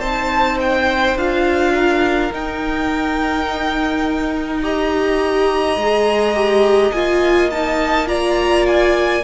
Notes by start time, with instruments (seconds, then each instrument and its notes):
0.00 cello C4, viola D#4, violin C5 A5
0.60 violin G5
1.16 cello D4, viola F4, violin F5
1.74 violin A#4
2.32 viola D#4, cello D#4, violin G5
4.62 viola G4, violin D#5 A#5
5.76 cello G#3, viola G#4
6.35 viola G4
6.92 cello A#3, viola F4, violin G#5
7.50 viola D#4, violin A5
8.06 viola F4, violin D5 A#5
8.67 violin G#5